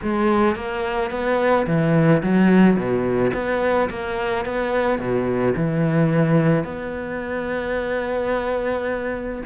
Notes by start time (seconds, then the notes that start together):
0.02 G#3
0.55 A#3
1.10 B3
1.66 E3
2.22 F#3
2.76 B2
3.33 B3
3.89 A#3
4.45 B3
4.98 B2
5.56 E3
6.64 B3